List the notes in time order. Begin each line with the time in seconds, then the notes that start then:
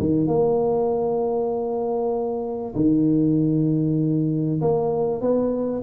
0.00 D#3
0.27 A#3
2.76 D#3
4.62 A#3
5.21 B3